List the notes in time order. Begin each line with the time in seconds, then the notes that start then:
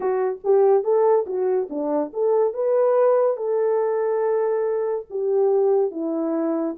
0.00 F#4
0.44 G4
0.83 A4
1.26 F#4
1.69 D4
2.13 A4
2.53 B4
3.36 A4
5.09 G4
5.91 E4